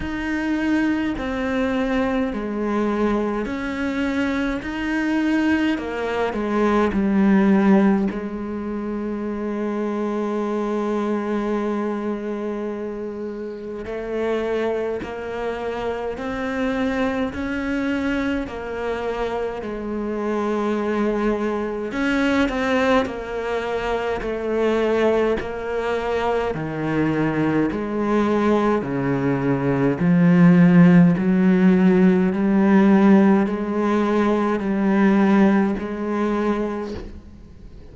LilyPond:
\new Staff \with { instrumentName = "cello" } { \time 4/4 \tempo 4 = 52 dis'4 c'4 gis4 cis'4 | dis'4 ais8 gis8 g4 gis4~ | gis1 | a4 ais4 c'4 cis'4 |
ais4 gis2 cis'8 c'8 | ais4 a4 ais4 dis4 | gis4 cis4 f4 fis4 | g4 gis4 g4 gis4 | }